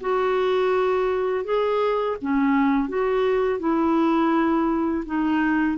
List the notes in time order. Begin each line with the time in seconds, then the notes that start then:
0.00 F#4
1.44 G#4
2.21 C#4
2.88 F#4
3.59 E4
5.05 D#4